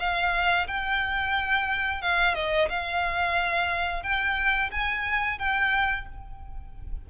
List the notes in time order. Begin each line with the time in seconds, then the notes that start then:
0.00 F5
0.68 G5
2.02 F5
2.35 D#5
2.70 F5
4.03 G5
4.72 G#5
5.39 G5